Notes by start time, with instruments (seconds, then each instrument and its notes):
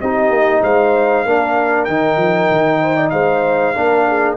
0.00 tuba C4, trombone D#4, horn G4, trumpet D#5
0.29 tuba A#3
0.62 tuba G#3, horn C5, trumpet F5
1.25 tuba A#3, trombone D4, horn A#4
1.85 tuba D#3, trombone D#4, trumpet G5
2.17 tuba F3
2.51 tuba D#3
2.81 horn C5
2.96 horn D5
3.10 tuba G#3, horn C5, trumpet F5
3.75 tuba A#3, trombone D4, horn A#4
4.07 horn G#4